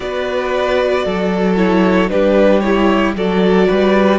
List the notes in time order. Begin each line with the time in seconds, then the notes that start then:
0.00 B3 F#4 B4 D5
1.05 F#3 A4
1.56 E4 C#5
2.09 G3 D4 G4 B4
2.60 E4 C#5
3.15 F#3 F#4 A4 D5
3.68 G3 B4